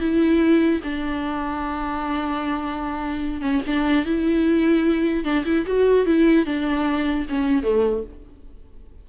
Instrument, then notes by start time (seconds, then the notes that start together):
viola
0.00 E4
0.84 D4
3.41 C#4
3.67 D4
4.05 E4
5.24 D4
5.45 E4
5.66 F#4
6.06 E4
6.45 D4
7.29 C#4
7.63 A3